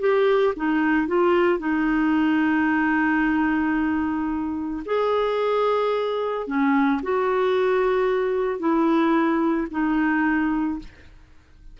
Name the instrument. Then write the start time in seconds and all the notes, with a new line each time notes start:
clarinet
0.00 G4
0.56 D#4
1.07 F4
1.59 D#4
4.86 G#4
6.47 C#4
7.02 F#4
8.59 E4
9.71 D#4